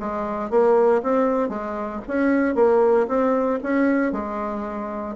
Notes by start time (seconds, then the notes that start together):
0.00 G#3
0.50 A#3
1.03 C4
1.49 G#3
2.08 C#4
2.55 A#3
3.08 C4
3.63 C#4
4.12 G#3